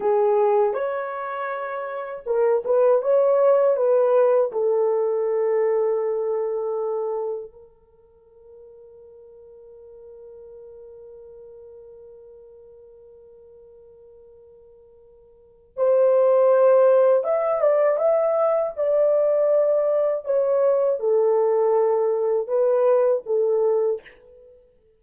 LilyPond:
\new Staff \with { instrumentName = "horn" } { \time 4/4 \tempo 4 = 80 gis'4 cis''2 ais'8 b'8 | cis''4 b'4 a'2~ | a'2 ais'2~ | ais'1~ |
ais'1~ | ais'4 c''2 e''8 d''8 | e''4 d''2 cis''4 | a'2 b'4 a'4 | }